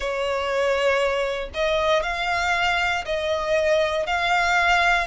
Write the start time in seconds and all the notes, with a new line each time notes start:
0.00 C#5
1.53 D#5
2.02 F5
3.05 D#5
4.06 F5